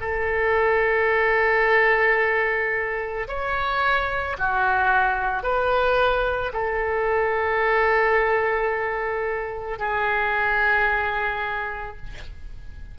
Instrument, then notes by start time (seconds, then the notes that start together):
oboe
0.00 A4
3.27 C#5
4.38 F#4
5.43 B4
6.53 A4
9.78 G#4